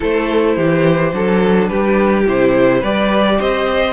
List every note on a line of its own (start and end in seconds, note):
0.00 0.56 A3
0.00 1.12 E4
0.00 0.56 A4
0.00 1.68 C5
0.56 1.13 E3
0.56 1.12 G4
1.12 1.70 F#3
1.12 2.25 D4
1.12 1.70 A4
1.68 2.27 G3
1.68 2.79 G4
1.68 2.24 B4
2.26 2.82 C3
2.26 2.83 E4
2.26 2.83 C5
2.79 3.39 G3
2.79 3.93 G4
2.79 3.36 B4
2.79 3.40 D5
3.38 3.93 C4
3.38 3.93 C5
3.38 3.93 D#5